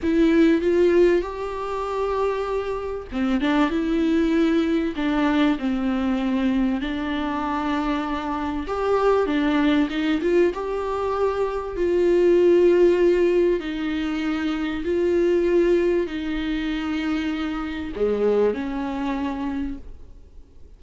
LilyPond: \new Staff \with { instrumentName = "viola" } { \time 4/4 \tempo 4 = 97 e'4 f'4 g'2~ | g'4 c'8 d'8 e'2 | d'4 c'2 d'4~ | d'2 g'4 d'4 |
dis'8 f'8 g'2 f'4~ | f'2 dis'2 | f'2 dis'2~ | dis'4 gis4 cis'2 | }